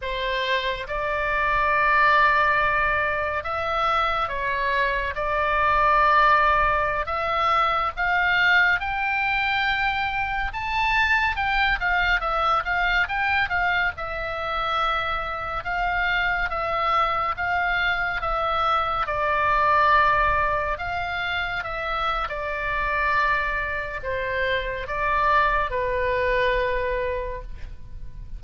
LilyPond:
\new Staff \with { instrumentName = "oboe" } { \time 4/4 \tempo 4 = 70 c''4 d''2. | e''4 cis''4 d''2~ | d''16 e''4 f''4 g''4.~ g''16~ | g''16 a''4 g''8 f''8 e''8 f''8 g''8 f''16~ |
f''16 e''2 f''4 e''8.~ | e''16 f''4 e''4 d''4.~ d''16~ | d''16 f''4 e''8. d''2 | c''4 d''4 b'2 | }